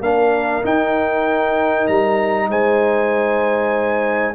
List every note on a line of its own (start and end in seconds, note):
0.00 0.62 A#3
0.00 0.62 D4
0.00 2.49 A#4
0.00 0.64 F5
0.62 4.34 D#4
0.62 1.88 D#4
0.62 1.87 G5
1.87 2.49 G3
1.87 2.48 A#5
2.49 4.34 G#3
2.49 4.34 C5
2.49 4.34 G#5